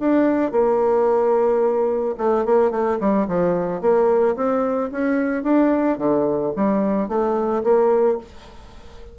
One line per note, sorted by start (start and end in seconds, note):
0.00 0.52 D4
0.52 2.15 A#3
2.18 2.45 A3
2.46 2.71 A#3
2.71 2.99 A3
3.00 3.28 G3
3.28 3.81 F3
3.81 4.36 A#3
4.36 4.91 C4
4.92 5.44 C#4
5.44 5.98 D4
5.99 6.53 D3
6.57 7.09 G3
7.09 7.63 A3
7.64 8.18 A#3